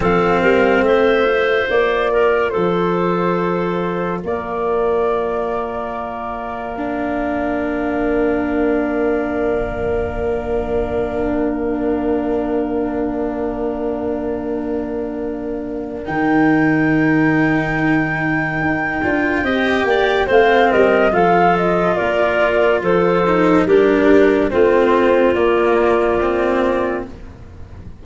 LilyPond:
<<
  \new Staff \with { instrumentName = "flute" } { \time 4/4 \tempo 4 = 71 f''4 e''4 d''4 c''4~ | c''4 d''2. | f''1~ | f''1~ |
f''2. g''4~ | g''1 | f''8 dis''8 f''8 dis''8 d''4 c''4 | ais'4 c''4 d''2 | }
  \new Staff \with { instrumentName = "clarinet" } { \time 4/4 a'8 ais'8 c''4. ais'8 a'4~ | a'4 ais'2.~ | ais'1~ | ais'1~ |
ais'1~ | ais'2. dis''8 d''8 | c''8 ais'8 a'4 ais'4 a'4 | g'4 f'2. | }
  \new Staff \with { instrumentName = "cello" } { \time 4/4 c'4. f'2~ f'8~ | f'1 | d'1~ | d'1~ |
d'2. dis'4~ | dis'2~ dis'8 f'8 g'4 | c'4 f'2~ f'8 dis'8 | d'4 c'4 ais4 c'4 | }
  \new Staff \with { instrumentName = "tuba" } { \time 4/4 f8 g8 a4 ais4 f4~ | f4 ais2.~ | ais1~ | ais1~ |
ais2. dis4~ | dis2 dis'8 d'8 c'8 ais8 | a8 g8 f4 ais4 f4 | g4 a4 ais2 | }
>>